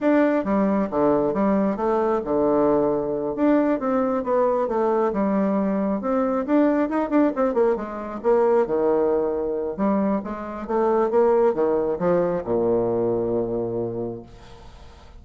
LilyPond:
\new Staff \with { instrumentName = "bassoon" } { \time 4/4 \tempo 4 = 135 d'4 g4 d4 g4 | a4 d2~ d8 d'8~ | d'8 c'4 b4 a4 g8~ | g4. c'4 d'4 dis'8 |
d'8 c'8 ais8 gis4 ais4 dis8~ | dis2 g4 gis4 | a4 ais4 dis4 f4 | ais,1 | }